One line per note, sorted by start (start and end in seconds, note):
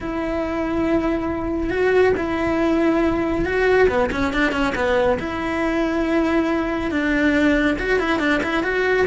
0.00 1.70 E4
1.70 2.13 F#4
2.16 3.45 E4
3.45 3.88 F#4
3.88 4.10 B3
4.11 4.33 C#4
4.33 4.51 D4
4.51 4.73 C#4
4.75 5.18 B3
5.19 6.91 E4
6.91 7.77 D4
7.79 7.99 F#4
7.99 8.19 E4
8.19 8.40 D4
8.43 8.63 E4
8.63 9.06 F#4